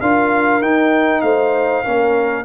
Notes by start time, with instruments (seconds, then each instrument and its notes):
0.00 tuba D4, trombone F4, horn A#4, trumpet F5
0.61 tuba D#4, trombone D#4, trumpet G5
1.21 tuba A3, horn C5, trumpet F5
1.84 tuba A#3, trombone C#4, horn A#4